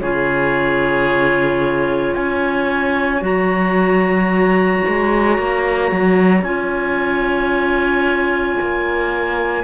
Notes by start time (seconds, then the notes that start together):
0.00 C#3 F4 G#4 C#5
2.15 C#4 C#5 G#5
3.20 F#3 F#4 A#5
4.87 G#3
5.37 A#3
5.91 F#3
6.41 C#4 F4 G#5
8.60 A#3